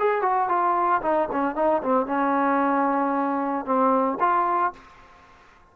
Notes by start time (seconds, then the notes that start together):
0.00 G#4
0.22 F#4
0.49 F4
1.02 D#4
1.33 C#4
1.56 D#4
1.83 C4
2.07 C#4
3.66 C4
4.20 F4